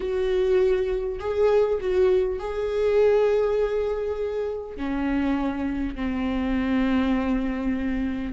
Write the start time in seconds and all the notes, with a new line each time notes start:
0.00 F#4
1.19 G#4
1.80 F#4
2.39 G#4
4.76 C#4
5.95 C4